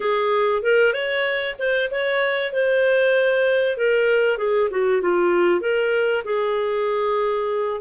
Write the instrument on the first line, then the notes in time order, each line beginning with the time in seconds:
clarinet
0.00 G#4
0.62 A#4
0.93 C#5
1.58 C5
1.90 C#5
2.53 C5
3.77 A#4
4.38 G#4
4.70 F#4
5.01 F4
5.61 A#4
6.24 G#4